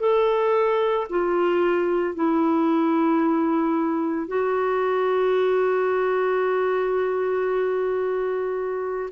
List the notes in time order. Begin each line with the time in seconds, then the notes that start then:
0.00 A4
1.10 F4
2.14 E4
4.28 F#4